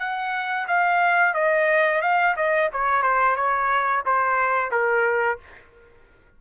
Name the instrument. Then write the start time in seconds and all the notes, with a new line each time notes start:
trumpet
0.00 F#5
0.68 F5
1.35 D#5
2.02 F5
2.37 D#5
2.74 C#5
3.03 C5
3.37 C#5
4.06 C5
4.72 A#4